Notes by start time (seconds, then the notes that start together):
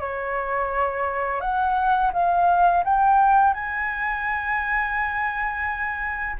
0.00 C#5
1.40 F#5
2.13 F5
2.84 G5
3.54 G#5